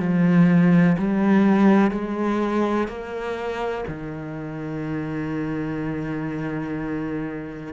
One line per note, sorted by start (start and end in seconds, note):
0.00 0.97 F3
0.99 1.91 G3
1.91 2.88 G#3
2.88 3.85 A#3
3.88 7.74 D#3